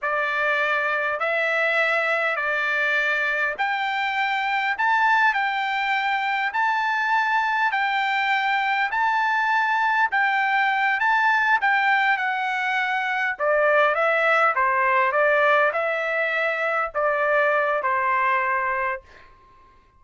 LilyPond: \new Staff \with { instrumentName = "trumpet" } { \time 4/4 \tempo 4 = 101 d''2 e''2 | d''2 g''2 | a''4 g''2 a''4~ | a''4 g''2 a''4~ |
a''4 g''4. a''4 g''8~ | g''8 fis''2 d''4 e''8~ | e''8 c''4 d''4 e''4.~ | e''8 d''4. c''2 | }